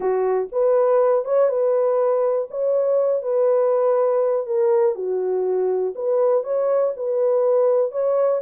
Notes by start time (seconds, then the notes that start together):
0.00 F#4
0.52 B4
1.24 C#5
1.48 B4
2.50 C#5
3.22 B4
4.46 A#4
4.95 F#4
5.95 B4
6.43 C#5
6.96 B4
7.91 C#5